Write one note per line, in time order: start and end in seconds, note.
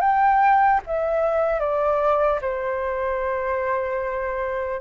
0.00 0.80 G5
0.86 1.59 E5
1.59 2.39 D5
2.41 4.80 C5